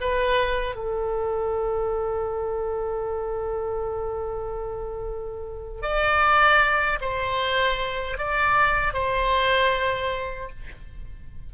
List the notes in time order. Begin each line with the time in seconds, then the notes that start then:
0.00 B4
0.75 A4
5.82 D5
7.01 C5
8.17 D5
8.93 C5